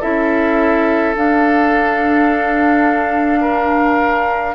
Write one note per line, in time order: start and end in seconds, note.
0.00 1.16 C#4
0.00 1.15 E4
0.00 3.40 A4
0.00 1.15 E5
1.16 4.55 D4
1.16 4.55 F5
3.41 4.54 A#4